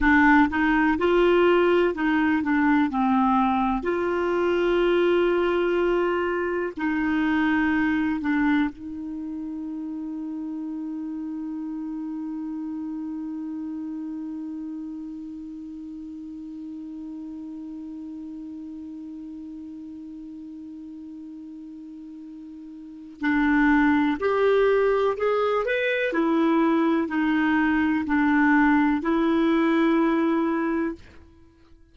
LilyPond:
\new Staff \with { instrumentName = "clarinet" } { \time 4/4 \tempo 4 = 62 d'8 dis'8 f'4 dis'8 d'8 c'4 | f'2. dis'4~ | dis'8 d'8 dis'2.~ | dis'1~ |
dis'1~ | dis'1 | d'4 g'4 gis'8 b'8 e'4 | dis'4 d'4 e'2 | }